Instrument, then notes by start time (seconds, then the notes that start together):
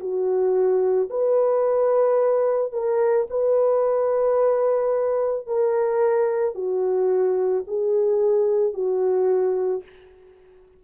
horn
0.00 F#4
1.10 B4
2.72 A#4
3.30 B4
5.47 A#4
6.55 F#4
7.68 G#4
8.74 F#4